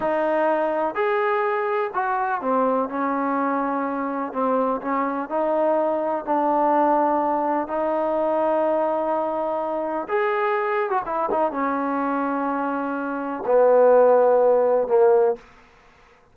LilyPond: \new Staff \with { instrumentName = "trombone" } { \time 4/4 \tempo 4 = 125 dis'2 gis'2 | fis'4 c'4 cis'2~ | cis'4 c'4 cis'4 dis'4~ | dis'4 d'2. |
dis'1~ | dis'4 gis'4.~ gis'16 fis'16 e'8 dis'8 | cis'1 | b2. ais4 | }